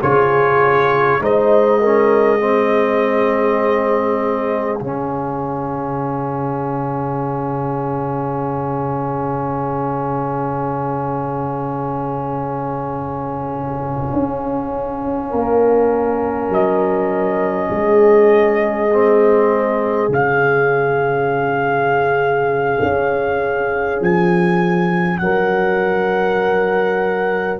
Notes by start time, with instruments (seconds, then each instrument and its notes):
0.00 tuba C#3, trombone F4, horn G#4, trumpet C#5
1.21 tuba G#3, trombone D#4, horn C5, trumpet D#5
1.81 trombone C#4, horn A#4
2.40 trombone C4, horn G#4
4.78 tuba C#3, trombone C#4, trumpet F5
14.13 tuba C#4
15.30 tuba A#3, horn A#4
16.50 tuba F#3, trumpet D#5
17.71 tuba G#3, horn G#4
18.92 trombone C4
20.09 tuba C#3, trombone C#4, trumpet F5
22.82 tuba C#4
24.01 tuba F3, trumpet G#5
25.18 tuba F#3, horn A#4, trumpet F#5